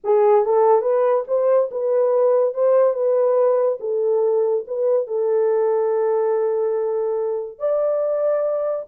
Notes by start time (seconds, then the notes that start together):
0.03 G#4
0.45 A4
0.81 B4
1.27 C5
1.71 B4
2.54 C5
2.93 B4
3.80 A4
4.67 B4
5.07 A4
7.58 D5